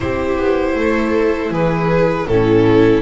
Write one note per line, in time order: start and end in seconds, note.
0.00 0.37 C4
0.00 2.27 E4
0.00 0.76 G4
0.00 1.52 C5
0.37 0.75 B3
0.75 1.50 A3
0.75 1.52 A4
1.50 2.26 E3
1.50 2.28 G#4
1.50 2.27 B4
2.27 3.01 A2
2.27 3.01 C#4
2.27 3.01 E4
2.27 3.01 A4